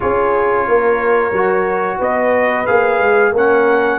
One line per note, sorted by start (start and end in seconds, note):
0.00 0.67 C#4
0.00 1.32 F4
0.00 0.67 G#4
0.00 2.00 C#5
0.67 1.32 A#3
0.67 1.97 A#4
1.32 1.98 F#3
1.32 2.66 F#4
1.97 2.67 B3
1.97 3.31 B4
1.97 2.66 D#5
2.66 2.99 A#3
2.66 3.32 G#4
2.66 3.33 F5
2.99 3.32 G#3
3.32 3.98 A#3
3.32 3.98 C#4
3.32 3.98 A#4
3.32 3.98 F#5